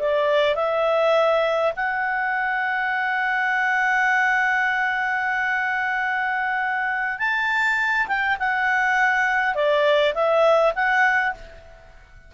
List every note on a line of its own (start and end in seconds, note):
0.00 0.56 D5
0.56 1.73 E5
1.77 7.20 F#5
7.20 8.08 A5
8.08 8.37 G5
8.40 9.55 F#5
9.55 10.14 D5
10.15 10.74 E5
10.76 11.35 F#5